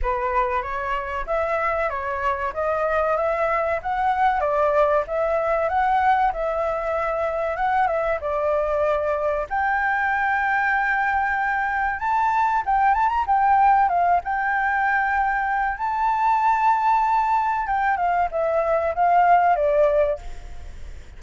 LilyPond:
\new Staff \with { instrumentName = "flute" } { \time 4/4 \tempo 4 = 95 b'4 cis''4 e''4 cis''4 | dis''4 e''4 fis''4 d''4 | e''4 fis''4 e''2 | fis''8 e''8 d''2 g''4~ |
g''2. a''4 | g''8 a''16 ais''16 g''4 f''8 g''4.~ | g''4 a''2. | g''8 f''8 e''4 f''4 d''4 | }